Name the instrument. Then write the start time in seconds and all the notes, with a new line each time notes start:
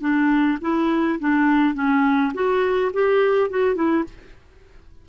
clarinet
0.00 D4
0.61 E4
1.19 D4
1.74 C#4
2.33 F#4
2.93 G4
3.50 F#4
3.75 E4